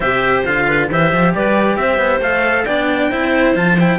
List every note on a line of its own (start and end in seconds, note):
0.00 0.43 C3
0.00 0.45 G4
0.00 0.66 C5
0.00 0.43 E5
0.45 0.90 D3
0.45 0.89 F4
0.45 0.89 F5
0.68 0.90 B4
0.90 1.11 E3
0.90 2.21 G4
0.90 1.35 C5
0.90 1.34 E5
1.11 1.34 F3
1.34 1.77 G3
1.34 1.79 B4
1.34 1.76 D5
1.76 1.98 C4
1.76 2.65 C5
1.76 2.20 E5
1.98 2.19 B3
2.19 2.64 A3
2.19 2.66 A4
2.19 2.65 F5
2.65 3.11 B3
2.65 3.11 D4
2.65 3.09 D5
2.65 3.54 G5
3.09 3.55 C4
3.09 3.55 E4
3.09 3.98 C5
3.55 3.99 F3
3.55 3.77 F4
3.55 3.79 A5
3.79 3.99 E4
3.79 3.99 G5